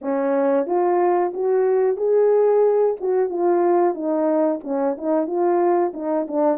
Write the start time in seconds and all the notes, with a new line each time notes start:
0.01 C#4
0.66 F4
1.33 F#4
1.97 G#4
3.00 F#4
3.29 F4
3.94 D#4
4.63 C#4
4.97 D#4
5.26 F4
5.93 D#4
6.27 D4